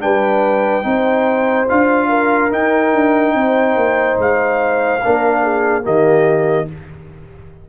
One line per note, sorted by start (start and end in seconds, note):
0.00 0.85 G3
0.00 0.83 D4
0.00 0.87 B4
0.00 1.68 G5
0.83 1.68 C4
0.83 1.67 D#4
0.83 2.09 C5
1.69 2.52 D4
1.69 2.51 F4
1.69 2.53 F5
2.09 3.34 A#4
2.51 5.01 D#4
2.51 2.93 D#4
2.51 4.20 G5
2.93 3.35 D4
3.35 3.76 C4
3.35 5.05 C5
3.76 4.18 A#3
4.18 5.02 G#3
4.18 5.86 F5
5.04 5.86 A#3
5.04 5.83 D4
5.04 5.43 A#4
5.43 5.84 G#4
5.83 6.70 D#3
5.83 6.66 A#3
5.83 6.67 G4
5.83 6.69 D#5